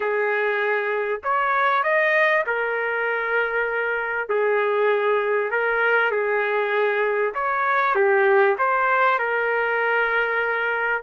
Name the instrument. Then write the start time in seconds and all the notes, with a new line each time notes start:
trumpet
0.00 G#4
1.23 C#5
1.83 D#5
2.46 A#4
4.29 G#4
5.50 A#4
6.11 G#4
7.34 C#5
7.95 G4
8.58 C5
9.18 A#4